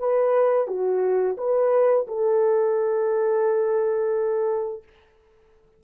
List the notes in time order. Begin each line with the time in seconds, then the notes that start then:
0.00 B4
0.68 F#4
1.38 B4
2.08 A4